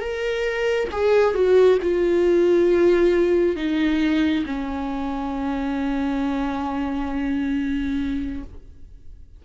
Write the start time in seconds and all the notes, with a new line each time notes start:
0.00 A#4
0.91 G#4
1.34 F#4
1.82 F4
3.56 D#4
4.46 C#4